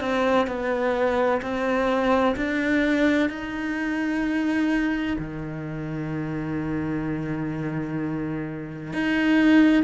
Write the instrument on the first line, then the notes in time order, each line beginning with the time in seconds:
cello
0.00 C4
0.47 B3
1.41 C4
2.36 D4
3.29 D#4
5.18 D#3
8.92 D#4